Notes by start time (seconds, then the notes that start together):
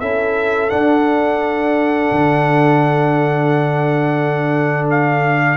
0.00 C#4 E4 A4 E5
0.70 D4 F#5
2.12 D3
4.90 F5